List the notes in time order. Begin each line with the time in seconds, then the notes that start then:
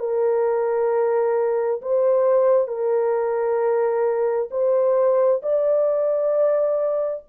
0.00 A#4
1.82 C5
2.68 A#4
4.51 C5
5.43 D5